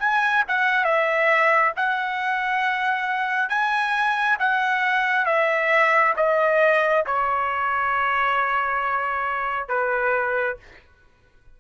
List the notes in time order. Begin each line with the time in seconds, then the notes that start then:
0.00 G#5
0.48 F#5
0.85 E5
1.77 F#5
3.50 G#5
4.40 F#5
5.26 E5
6.17 D#5
7.07 C#5
9.69 B4